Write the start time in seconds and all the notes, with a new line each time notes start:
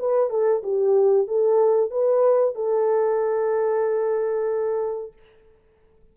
0.00 B4
0.30 A4
0.63 G4
1.28 A4
1.91 B4
2.55 A4